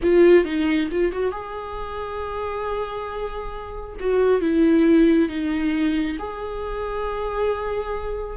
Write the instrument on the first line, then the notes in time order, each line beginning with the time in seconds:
viola
0.02 F4
0.44 D#4
0.91 F4
1.12 F#4
1.31 G#4
4.00 F#4
4.40 E4
5.28 D#4
6.18 G#4